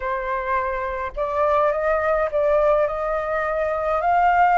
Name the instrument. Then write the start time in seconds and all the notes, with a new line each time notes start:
flute
0.00 C5
1.16 D5
1.72 D#5
2.31 D5
2.87 D#5
4.01 F5